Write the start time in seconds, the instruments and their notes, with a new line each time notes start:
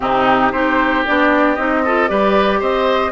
0.00 bassoon C3, clarinet C4, oboe D#4, flute G4
0.51 bassoon C4, clarinet D#4, oboe G4, flute C5
1.05 bassoon B3, clarinet D4, flute D5
1.55 bassoon C4, clarinet D#4, flute D#5
1.84 clarinet F4, oboe A4
2.08 bassoon G3, clarinet G4, oboe B4, flute D5
2.59 bassoon C4, oboe C5, flute D#5